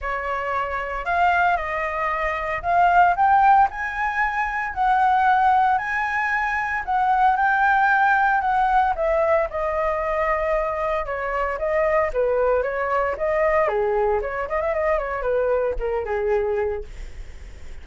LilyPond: \new Staff \with { instrumentName = "flute" } { \time 4/4 \tempo 4 = 114 cis''2 f''4 dis''4~ | dis''4 f''4 g''4 gis''4~ | gis''4 fis''2 gis''4~ | gis''4 fis''4 g''2 |
fis''4 e''4 dis''2~ | dis''4 cis''4 dis''4 b'4 | cis''4 dis''4 gis'4 cis''8 dis''16 e''16 | dis''8 cis''8 b'4 ais'8 gis'4. | }